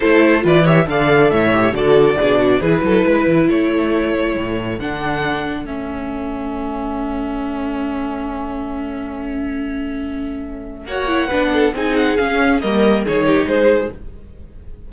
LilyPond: <<
  \new Staff \with { instrumentName = "violin" } { \time 4/4 \tempo 4 = 138 c''4 d''8 e''8 f''4 e''4 | d''2 b'2 | cis''2. fis''4~ | fis''4 e''2.~ |
e''1~ | e''1~ | e''4 fis''2 gis''8 fis''8 | f''4 dis''4 cis''4 c''4 | }
  \new Staff \with { instrumentName = "violin" } { \time 4/4 a'4 b'8 cis''8 d''4 cis''4 | a'4 gis'8 fis'8 gis'8 a'8 b'4 | a'1~ | a'1~ |
a'1~ | a'1~ | a'4 cis''4 b'8 a'8 gis'4~ | gis'4 ais'4 gis'8 g'8 gis'4 | }
  \new Staff \with { instrumentName = "viola" } { \time 4/4 e'4 f'8 g'8 a'4. g'8 | fis'4 d'4 e'2~ | e'2. d'4~ | d'4 cis'2.~ |
cis'1~ | cis'1~ | cis'4 fis'8 e'8 d'4 dis'4 | cis'4 ais4 dis'2 | }
  \new Staff \with { instrumentName = "cello" } { \time 4/4 a4 e4 d4 a,4 | d4 b,4 e8 fis8 gis8 e8 | a2 a,4 d4~ | d4 a2.~ |
a1~ | a1~ | a4 ais4 b4 c'4 | cis'4 g4 dis4 gis4 | }
>>